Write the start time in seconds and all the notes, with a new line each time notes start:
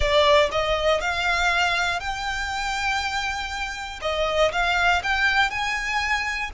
0.00 D5
0.51 D#5
1.00 F5
2.00 G5
4.01 D#5
4.52 F5
5.03 G5
5.50 G#5